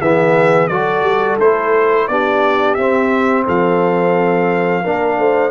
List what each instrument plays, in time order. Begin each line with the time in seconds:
0.00 tuba E3, trombone B3, horn G#4, trumpet E5
0.68 tuba F#3, trombone F#4, horn A4, trumpet D5
1.02 tuba G3
1.39 tuba A3, trombone E4, trumpet C5
2.08 tuba B3, trombone D4, horn G4, trumpet D5
2.74 tuba C4, trombone C4, trumpet E5
3.46 tuba F3, horn A4, trumpet F5
4.83 tuba A#3, trombone D4, horn A#4
5.18 tuba A3, horn C5